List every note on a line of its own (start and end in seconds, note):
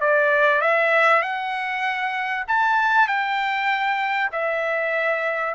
0.00 0.61 D5
0.61 1.22 E5
1.22 2.44 F#5
2.48 3.07 A5
3.07 4.30 G5
4.32 5.54 E5